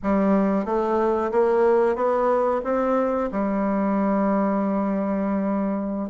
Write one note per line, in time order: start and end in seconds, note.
0.02 0.65 G3
0.65 1.31 A3
1.31 1.95 A#3
1.95 2.61 B3
2.64 3.30 C4
3.31 6.10 G3